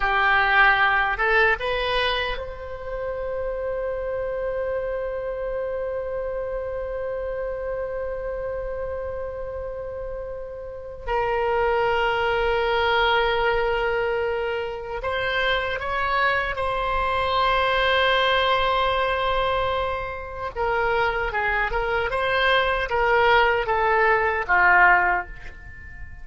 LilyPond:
\new Staff \with { instrumentName = "oboe" } { \time 4/4 \tempo 4 = 76 g'4. a'8 b'4 c''4~ | c''1~ | c''1~ | c''2 ais'2~ |
ais'2. c''4 | cis''4 c''2.~ | c''2 ais'4 gis'8 ais'8 | c''4 ais'4 a'4 f'4 | }